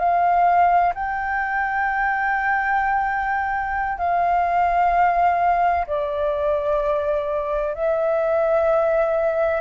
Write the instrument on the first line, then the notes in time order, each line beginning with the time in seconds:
flute
0.00 F5
0.95 G5
3.98 F5
5.87 D5
7.75 E5